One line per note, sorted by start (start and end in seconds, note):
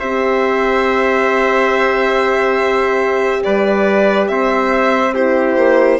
0.00 3.44 C4
0.00 5.15 G4
0.00 3.43 C5
0.00 3.43 E5
3.44 4.29 G3
3.44 4.31 B4
3.44 4.28 D5
4.28 5.57 C4
4.28 5.14 C5
4.28 5.14 E5
5.14 6.00 E4
5.14 6.00 G4
5.14 6.00 C5
5.57 6.00 A#3